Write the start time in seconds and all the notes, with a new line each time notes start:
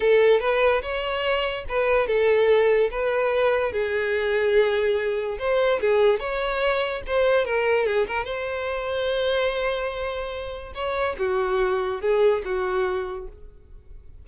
0.00 A4
0.40 B4
0.82 C#5
1.68 B4
2.07 A4
2.90 B4
3.72 G#4
5.38 C5
5.80 G#4
6.19 C#5
7.06 C5
7.45 A#4
7.86 G#4
8.07 A#4
8.24 C5
10.74 C#5
11.18 F#4
12.01 G#4
12.45 F#4